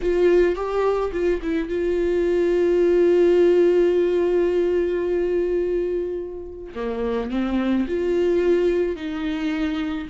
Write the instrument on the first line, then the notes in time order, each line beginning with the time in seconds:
viola
0.01 F4
0.55 G4
1.12 F4
1.42 E4
1.68 F4
6.74 A#3
7.30 C4
7.87 F4
8.95 D#4